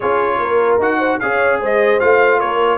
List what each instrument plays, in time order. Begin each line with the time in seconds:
0.00 tuba C#4, trombone F4, horn G#4, trumpet C#5
0.38 tuba A#3, horn A#4
0.78 tuba D#4, trombone F#4, trumpet F#5
0.98 horn C5
1.19 tuba C#4, trombone G#4, horn C#5, trumpet F5
1.60 tuba G#3, horn C5, trumpet D#5
1.99 tuba A3, trombone F4, trumpet F5
2.39 tuba A#3, horn A#4, trumpet C#5